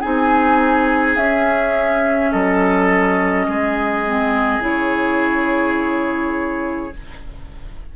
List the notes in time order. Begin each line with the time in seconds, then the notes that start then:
0.00 C4 D#4 G#4 G#5
1.16 C#4 E5
2.31 F#3 A4 D#5
3.48 G#3 G#4
4.06 C4
4.58 C#3 E4
4.65 C#5